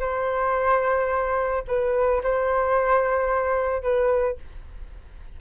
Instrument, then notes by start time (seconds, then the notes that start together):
flute
0.00 C5
1.68 B4
2.23 C5
3.82 B4